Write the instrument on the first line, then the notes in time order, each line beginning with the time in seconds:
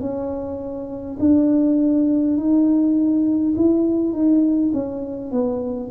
tuba
0.00 C#4
1.19 D4
2.37 D#4
3.56 E4
4.13 D#4
4.73 C#4
5.32 B3